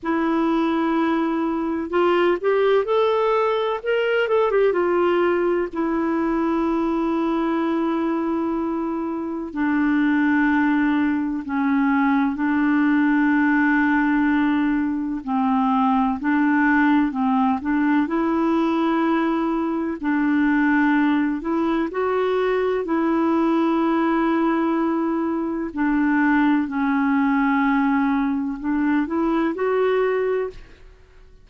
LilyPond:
\new Staff \with { instrumentName = "clarinet" } { \time 4/4 \tempo 4 = 63 e'2 f'8 g'8 a'4 | ais'8 a'16 g'16 f'4 e'2~ | e'2 d'2 | cis'4 d'2. |
c'4 d'4 c'8 d'8 e'4~ | e'4 d'4. e'8 fis'4 | e'2. d'4 | cis'2 d'8 e'8 fis'4 | }